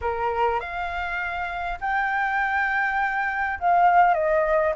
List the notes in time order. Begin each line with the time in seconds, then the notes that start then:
0.01 A#4
0.59 F5
1.80 G5
3.59 F5
4.14 D#5